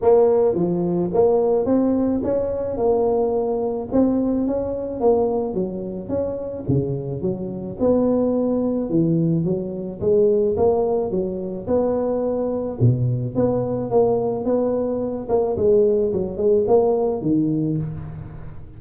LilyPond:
\new Staff \with { instrumentName = "tuba" } { \time 4/4 \tempo 4 = 108 ais4 f4 ais4 c'4 | cis'4 ais2 c'4 | cis'4 ais4 fis4 cis'4 | cis4 fis4 b2 |
e4 fis4 gis4 ais4 | fis4 b2 b,4 | b4 ais4 b4. ais8 | gis4 fis8 gis8 ais4 dis4 | }